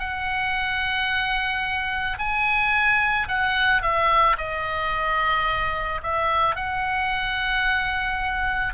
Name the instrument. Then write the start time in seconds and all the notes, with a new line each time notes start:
oboe
0.00 F#5
2.19 G#5
3.29 F#5
3.82 E5
4.38 D#5
6.03 E5
6.56 F#5